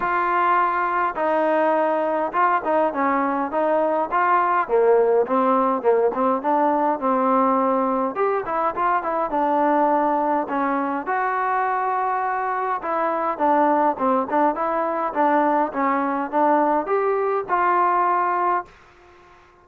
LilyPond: \new Staff \with { instrumentName = "trombone" } { \time 4/4 \tempo 4 = 103 f'2 dis'2 | f'8 dis'8 cis'4 dis'4 f'4 | ais4 c'4 ais8 c'8 d'4 | c'2 g'8 e'8 f'8 e'8 |
d'2 cis'4 fis'4~ | fis'2 e'4 d'4 | c'8 d'8 e'4 d'4 cis'4 | d'4 g'4 f'2 | }